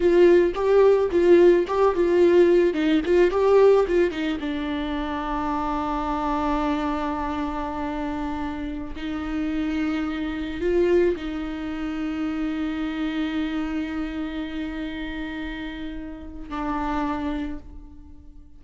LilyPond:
\new Staff \with { instrumentName = "viola" } { \time 4/4 \tempo 4 = 109 f'4 g'4 f'4 g'8 f'8~ | f'4 dis'8 f'8 g'4 f'8 dis'8 | d'1~ | d'1~ |
d'16 dis'2. f'8.~ | f'16 dis'2.~ dis'8.~ | dis'1~ | dis'2 d'2 | }